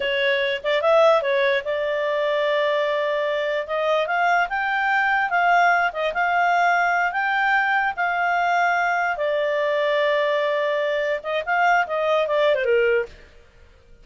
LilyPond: \new Staff \with { instrumentName = "clarinet" } { \time 4/4 \tempo 4 = 147 cis''4. d''8 e''4 cis''4 | d''1~ | d''4 dis''4 f''4 g''4~ | g''4 f''4. dis''8 f''4~ |
f''4. g''2 f''8~ | f''2~ f''8 d''4.~ | d''2.~ d''8 dis''8 | f''4 dis''4 d''8. c''16 ais'4 | }